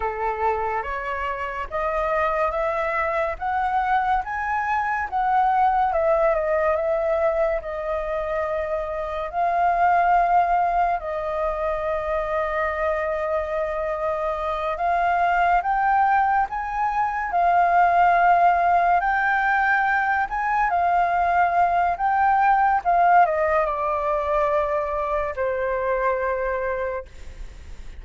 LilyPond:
\new Staff \with { instrumentName = "flute" } { \time 4/4 \tempo 4 = 71 a'4 cis''4 dis''4 e''4 | fis''4 gis''4 fis''4 e''8 dis''8 | e''4 dis''2 f''4~ | f''4 dis''2.~ |
dis''4. f''4 g''4 gis''8~ | gis''8 f''2 g''4. | gis''8 f''4. g''4 f''8 dis''8 | d''2 c''2 | }